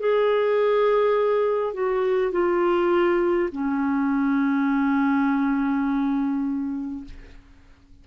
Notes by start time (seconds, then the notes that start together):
0.00 G#4
1.73 F#4
2.32 F4
3.52 C#4